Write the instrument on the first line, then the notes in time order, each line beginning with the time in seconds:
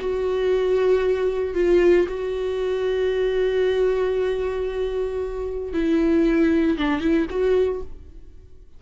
viola
0.00 F#4
1.55 F4
2.08 F#4
5.74 E4
6.78 D4
7.01 E4
7.30 F#4